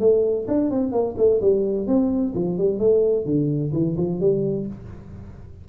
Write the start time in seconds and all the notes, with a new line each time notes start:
0.00 A3
0.48 D4
0.71 C4
0.92 A#3
1.17 A3
1.41 G3
1.87 C4
2.35 F3
2.58 G3
2.79 A3
3.25 D3
3.73 E3
3.97 F3
4.20 G3